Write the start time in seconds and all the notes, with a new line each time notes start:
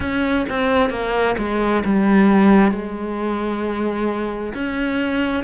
0.00 C#4
0.49 C4
0.90 A#3
1.38 G#3
1.84 G3
2.71 G#3
4.53 C#4